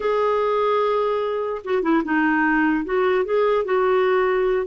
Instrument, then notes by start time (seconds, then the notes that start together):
clarinet
0.00 G#4
1.64 F#4
1.82 E4
2.04 D#4
2.84 F#4
3.25 G#4
3.64 F#4